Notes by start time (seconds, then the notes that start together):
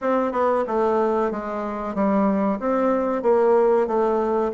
0.01 C4
0.32 B3
0.67 A3
1.31 G#3
1.94 G3
2.59 C4
3.22 A#3
3.87 A3